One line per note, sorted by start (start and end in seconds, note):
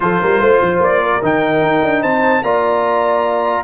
0.00 0.21 F3
0.00 1.21 F4
0.00 0.21 A4
0.00 0.80 C5
0.21 0.40 G3
0.21 0.41 A#4
0.40 0.60 A3
0.40 1.01 C5
0.61 0.79 F3
0.79 1.20 A#3
0.79 1.23 D5
1.01 2.01 A#4
1.21 1.62 D#3
1.21 2.43 D#4
1.21 2.02 G5
1.62 1.82 D#4
1.83 2.03 D4
2.01 2.42 C4
2.01 2.42 C5
2.01 2.43 A5
2.42 3.63 A#3
2.42 3.63 F4
2.42 3.63 D5
2.42 3.63 A#5